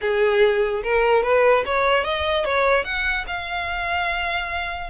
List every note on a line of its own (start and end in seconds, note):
0.01 0.83 G#4
0.83 1.23 A#4
1.23 1.64 B4
1.65 2.04 C#5
2.04 2.44 D#5
2.44 2.84 C#5
2.84 3.25 F#5
3.27 4.90 F5